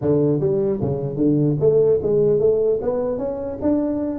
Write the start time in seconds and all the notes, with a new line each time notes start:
0.01 D3
0.40 G3
0.81 C#3
1.16 D3
1.60 A3
2.02 G#3
2.39 A3
2.81 B3
3.17 C#4
3.61 D4